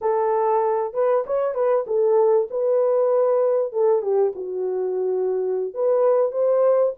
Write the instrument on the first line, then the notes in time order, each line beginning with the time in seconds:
horn
0.01 A4
0.93 B4
1.26 C#5
1.54 B4
1.86 A4
2.50 B4
3.72 A4
4.01 G4
4.35 F#4
5.74 B4
6.31 C5